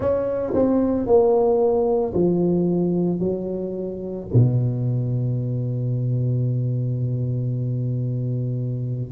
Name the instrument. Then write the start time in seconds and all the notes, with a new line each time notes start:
tuba
0.00 C#4
0.54 C4
1.06 A#3
2.13 F3
3.19 F#3
4.33 B2